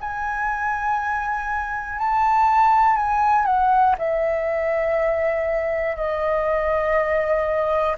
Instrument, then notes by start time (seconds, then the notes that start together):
flute
0.00 G#5
1.99 A5
2.96 G#5
3.45 F#5
3.98 E5
5.96 D#5